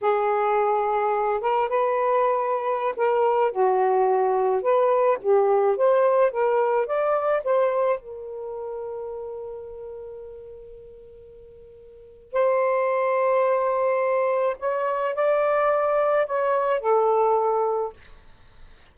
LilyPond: \new Staff \with { instrumentName = "saxophone" } { \time 4/4 \tempo 4 = 107 gis'2~ gis'8 ais'8 b'4~ | b'4~ b'16 ais'4 fis'4.~ fis'16~ | fis'16 b'4 g'4 c''4 ais'8.~ | ais'16 d''4 c''4 ais'4.~ ais'16~ |
ais'1~ | ais'2 c''2~ | c''2 cis''4 d''4~ | d''4 cis''4 a'2 | }